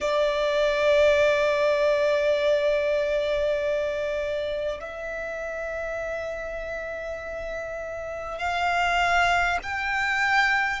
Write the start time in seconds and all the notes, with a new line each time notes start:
0.01 D5
4.79 E5
8.38 F5
9.63 G5